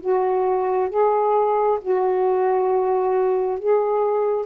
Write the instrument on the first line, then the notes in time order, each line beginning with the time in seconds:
saxophone
0.00 F#4
0.89 G#4
1.81 F#4
3.59 G#4